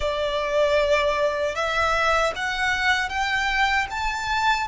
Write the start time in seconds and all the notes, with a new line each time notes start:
0.00 D5
1.55 E5
2.36 F#5
3.09 G5
3.90 A5